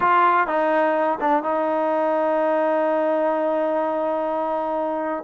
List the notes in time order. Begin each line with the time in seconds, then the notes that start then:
0.00 F4
0.47 D#4
1.20 D4
1.43 D#4